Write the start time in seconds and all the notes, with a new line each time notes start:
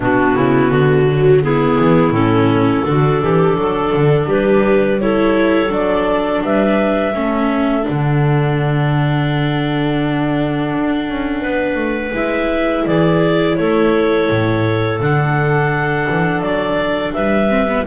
0.00 B2 B3 D4 F#4
0.35 C#3 E4
0.70 D3 F#4
1.07 F#3
1.42 B3 E4 G#4
1.79 E3
2.10 A2 C#4 A4
2.85 D3 D4 F#4
3.22 E3 G4
3.57 F#3 A4
3.94 D3
4.26 G3 G4 B4
5.00 E4 A4 C#5
5.69 F#3 D4 D5
6.43 G3 B4 E5
7.15 A3 C#4 A4
7.82 D3 D4 F#5
10.73 D4
11.08 C#4
11.41 B3 B4
11.75 A3
12.12 G#3 E4 E5
12.86 E3 G#4 D5
13.56 A3 A4 C#5
14.29 A2
14.99 D3 D4 F#5
16.09 E3
16.40 F#3 D5
17.13 G3 B4 E5
17.49 C4
17.68 B3